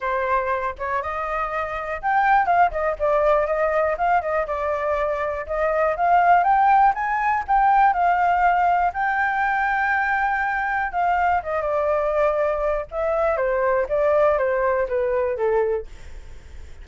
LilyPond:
\new Staff \with { instrumentName = "flute" } { \time 4/4 \tempo 4 = 121 c''4. cis''8 dis''2 | g''4 f''8 dis''8 d''4 dis''4 | f''8 dis''8 d''2 dis''4 | f''4 g''4 gis''4 g''4 |
f''2 g''2~ | g''2 f''4 dis''8 d''8~ | d''2 e''4 c''4 | d''4 c''4 b'4 a'4 | }